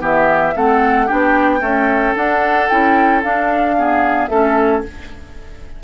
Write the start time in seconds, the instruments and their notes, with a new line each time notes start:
0.00 bassoon E3, clarinet B3, oboe G4, flute E5
0.56 bassoon A3, clarinet C4, oboe A4, flute F#5
1.06 bassoon B3, clarinet D4, oboe G4, flute G5
1.60 clarinet A3, bassoon C#4, oboe A4
2.15 clarinet D4, bassoon D4, flute F#5
2.69 bassoon C#4, clarinet E4, flute G5
3.23 clarinet D4, bassoon D4, flute F5
3.77 clarinet B3, oboe G#4
4.28 bassoon A3, clarinet C#4, oboe A4, flute E5